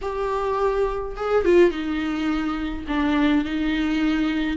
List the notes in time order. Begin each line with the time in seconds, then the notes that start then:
0.01 G4
1.16 G#4
1.44 F4
1.70 D#4
2.88 D4
3.44 D#4